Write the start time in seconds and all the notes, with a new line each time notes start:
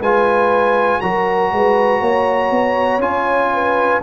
0.00 G#3 F4 B4 G#5
1.00 F#3 F#4 A#4 A#5
1.52 G#3 B4
2.01 A#3 C#5
2.51 B3
2.98 C#4 F4 G#5
3.53 B4